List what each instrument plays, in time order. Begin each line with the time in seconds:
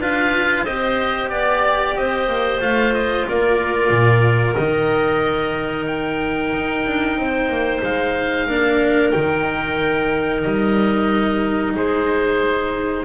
0.00 double bass D4, cello F4, clarinet B4, oboe F5
0.64 double bass C4, cello G4, clarinet C5, oboe D#5
1.29 double bass B3, oboe D5, clarinet D5
1.95 double bass C4, clarinet C5, oboe D#5
2.27 double bass A#3
2.60 double bass A3, cello F4, oboe F5
2.93 oboe D#5
3.28 double bass A#3, clarinet A#4, oboe D5
3.90 double bass A#2
4.55 double bass D#3, cello D#4, oboe D#5
5.86 oboe G5
6.52 double bass D#4
6.85 double bass D4
7.16 double bass C4, clarinet C5
7.48 double bass A#3
7.82 double bass G#3, oboe F5
8.47 double bass A#3, cello D4, clarinet A#4
9.11 double bass D#3, cello D#4, oboe G5
10.42 double bass G3, oboe D#5
11.76 double bass G#3, clarinet G#4, oboe C5